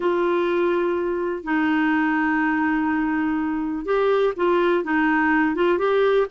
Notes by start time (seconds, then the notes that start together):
0.00 F4
1.43 D#4
3.85 G4
4.36 F4
4.84 D#4
5.55 F4
5.78 G4